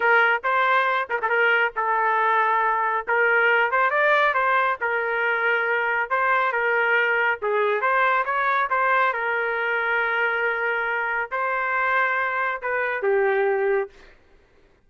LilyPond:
\new Staff \with { instrumentName = "trumpet" } { \time 4/4 \tempo 4 = 138 ais'4 c''4. ais'16 a'16 ais'4 | a'2. ais'4~ | ais'8 c''8 d''4 c''4 ais'4~ | ais'2 c''4 ais'4~ |
ais'4 gis'4 c''4 cis''4 | c''4 ais'2.~ | ais'2 c''2~ | c''4 b'4 g'2 | }